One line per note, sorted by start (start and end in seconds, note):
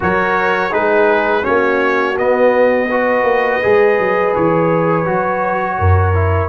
0.00 0.73 F#3
0.00 0.70 F#4
0.00 0.69 A#4
0.00 0.73 C#5
0.69 1.45 G#3
0.69 1.42 D#4
0.69 1.41 G#4
0.69 1.44 B4
1.42 2.18 A#3
1.42 2.14 C#4
1.42 2.88 F#4
1.42 2.16 C#5
2.17 2.89 B3
2.17 3.23 B3
2.17 4.34 D#5
2.89 3.62 F#4
2.89 5.78 B4
3.23 3.59 A#3
3.62 3.98 G#3
3.62 5.05 G#4
3.98 4.34 F#3
4.35 5.08 E3
4.35 6.49 C#5
5.05 5.79 F#3
5.05 6.13 F#4
5.78 6.49 F#2
5.78 6.49 A#4
6.13 6.49 E4